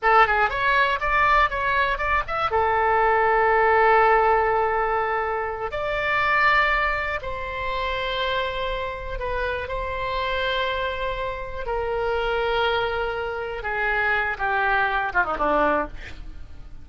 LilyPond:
\new Staff \with { instrumentName = "oboe" } { \time 4/4 \tempo 4 = 121 a'8 gis'8 cis''4 d''4 cis''4 | d''8 e''8 a'2.~ | a'2.~ a'8 d''8~ | d''2~ d''8 c''4.~ |
c''2~ c''8 b'4 c''8~ | c''2.~ c''8 ais'8~ | ais'2.~ ais'8 gis'8~ | gis'4 g'4. f'16 dis'16 d'4 | }